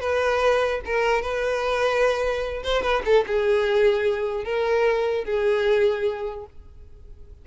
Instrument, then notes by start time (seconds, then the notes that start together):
violin
0.00 B4
0.85 A#4
1.22 B4
2.63 C5
2.82 B4
3.05 A4
3.27 G#4
4.44 A#4
5.24 G#4